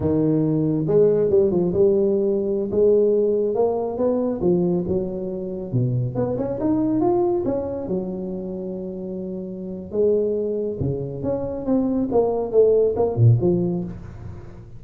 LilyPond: \new Staff \with { instrumentName = "tuba" } { \time 4/4 \tempo 4 = 139 dis2 gis4 g8 f8 | g2~ g16 gis4.~ gis16~ | gis16 ais4 b4 f4 fis8.~ | fis4~ fis16 b,4 b8 cis'8 dis'8.~ |
dis'16 f'4 cis'4 fis4.~ fis16~ | fis2. gis4~ | gis4 cis4 cis'4 c'4 | ais4 a4 ais8 ais,8 f4 | }